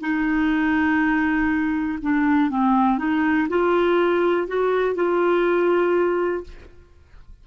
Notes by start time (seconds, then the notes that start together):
0.00 D#4
2.01 D4
2.50 C4
2.98 D#4
3.48 F4
4.47 F#4
4.95 F4